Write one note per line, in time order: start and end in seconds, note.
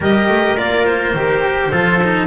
0.00 0.28 G3
0.00 0.57 G4
0.00 1.71 A#4
0.00 0.57 D#5
0.28 0.57 A3
0.57 1.13 A#3
0.57 1.14 F4
0.57 0.85 D5
0.85 2.26 C5
1.13 1.71 D#3
1.13 1.72 G4
1.71 2.26 F3
1.71 2.01 F4
1.71 2.26 A4
2.03 2.26 D#4